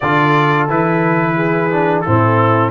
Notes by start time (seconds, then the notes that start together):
0.00 D3 F4 A4 D5
0.68 E3 E4 B4
1.36 G#4
1.70 D4
2.01 A2 C4 E4 A4